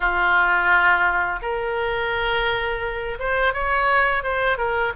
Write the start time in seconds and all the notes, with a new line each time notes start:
0.00 F4
1.41 A#4
3.19 C5
3.53 C#5
4.23 C5
4.57 A#4